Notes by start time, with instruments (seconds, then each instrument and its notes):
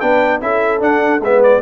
0.00 tuba B3, trombone D4, horn B4, trumpet G5
0.41 tuba C#4, trombone E4, horn A4, trumpet E5
0.79 trombone D4, tuba D4, trumpet F#5
1.20 tuba G#3, trombone B3, horn B4, trumpet E5
1.43 trumpet D5